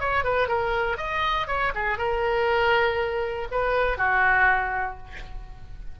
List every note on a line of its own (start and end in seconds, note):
0.00 0.24 C#5
0.24 0.48 B4
0.48 0.97 A#4
0.97 1.47 D#5
1.47 1.72 C#5
1.75 1.98 G#4
1.98 3.48 A#4
3.51 3.97 B4
3.97 4.97 F#4